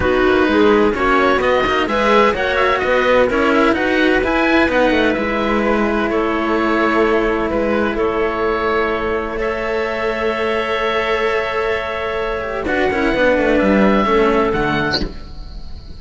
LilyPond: <<
  \new Staff \with { instrumentName = "oboe" } { \time 4/4 \tempo 4 = 128 b'2 cis''4 dis''4 | e''4 fis''8 e''8 dis''4 cis''8 e''8 | fis''4 gis''4 fis''4 e''4 | b'4 cis''2. |
b'4 cis''2. | e''1~ | e''2. fis''4~ | fis''4 e''2 fis''4 | }
  \new Staff \with { instrumentName = "clarinet" } { \time 4/4 fis'4 gis'4 fis'2 | b'4 cis''4 b'4 ais'4 | b'1~ | b'4 a'2. |
b'4 a'2. | cis''1~ | cis''2. b'8 ais'8 | b'2 a'2 | }
  \new Staff \with { instrumentName = "cello" } { \time 4/4 dis'2 cis'4 b8 dis'8 | gis'4 fis'2 e'4 | fis'4 e'4 dis'4 e'4~ | e'1~ |
e'1 | a'1~ | a'2~ a'8 g'8 fis'8 e'8 | d'2 cis'4 a4 | }
  \new Staff \with { instrumentName = "cello" } { \time 4/4 b8 ais8 gis4 ais4 b8 ais8 | gis4 ais4 b4 cis'4 | dis'4 e'4 b8 a8 gis4~ | gis4 a2. |
gis4 a2.~ | a1~ | a2. d'8 cis'8 | b8 a8 g4 a4 d4 | }
>>